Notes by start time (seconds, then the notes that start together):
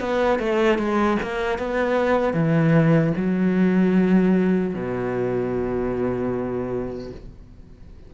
0.00 B3
0.39 A3
0.78 G#3
1.22 A#3
1.58 B3
2.34 E3
3.17 F#3
4.74 B2